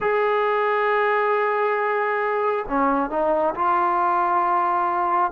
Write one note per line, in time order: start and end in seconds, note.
0.00 2.65 G#4
2.68 3.10 C#4
3.10 3.54 D#4
3.55 5.31 F4